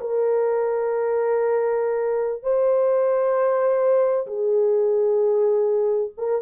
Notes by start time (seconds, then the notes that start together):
0.00 A#4
2.42 C5
4.27 G#4
6.17 A#4